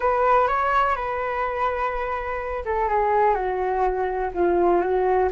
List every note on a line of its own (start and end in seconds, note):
0.00 0.47 B4
0.47 0.95 C#5
0.95 2.63 B4
2.65 2.88 A4
2.88 3.34 G#4
3.34 4.30 F#4
4.34 4.81 F4
4.81 5.29 F#4